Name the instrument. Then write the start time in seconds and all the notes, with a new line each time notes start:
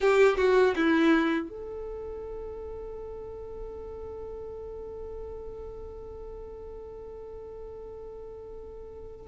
violin
0.00 G4
0.37 F#4
0.75 E4
1.48 A4